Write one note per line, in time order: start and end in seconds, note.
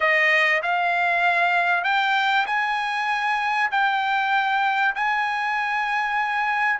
0.00 0.62 D#5
0.62 1.84 F5
1.84 2.46 G5
2.46 3.70 G#5
3.71 4.95 G5
4.95 6.79 G#5